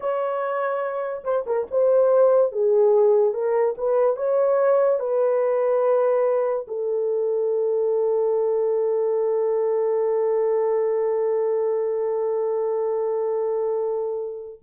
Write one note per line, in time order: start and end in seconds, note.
0.00 1.23 C#5
1.24 1.45 C5
1.46 1.67 A#4
1.70 2.52 C5
2.52 3.33 G#4
3.33 3.75 A#4
3.77 4.16 B4
4.16 4.99 C#5
4.99 6.66 B4
6.67 14.59 A4